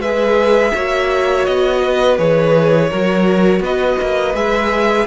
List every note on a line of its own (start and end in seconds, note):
0.00 0.72 G#3
0.00 0.75 G#4
0.00 0.74 B4
0.00 1.46 E5
0.75 1.48 A#3
0.75 2.18 F#4
0.75 1.82 C#5
1.46 2.19 B3
1.46 2.18 D#5
1.82 2.91 B4
2.18 2.91 E3
2.18 2.91 G#4
2.18 3.63 C#5
2.91 3.61 F#3
2.91 4.35 F#4
2.91 3.63 A#4
3.61 3.97 B3
3.61 5.07 B4
3.61 4.36 D#5
4.02 4.35 A#3
4.35 5.07 G#3
4.35 5.07 G#4
4.35 5.07 E5